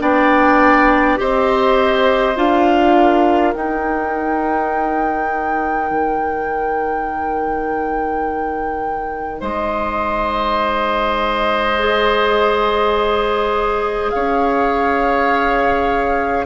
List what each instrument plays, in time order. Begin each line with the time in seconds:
0.00 bassoon B3, clarinet D4, oboe D5, flute G5
1.17 bassoon C4, clarinet G4, oboe C5, flute D#5
2.36 bassoon D4, clarinet F4, flute F5
2.96 oboe A#4
3.54 clarinet D#4, bassoon D#4, flute G5
5.91 bassoon D#3
9.41 bassoon G#3, oboe C5, flute D#5
11.79 clarinet G#4
14.11 bassoon C#4, oboe C#5, flute F5